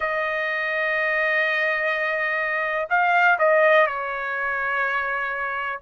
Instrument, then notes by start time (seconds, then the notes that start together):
trumpet
0.00 D#5
2.89 F5
3.38 D#5
3.86 C#5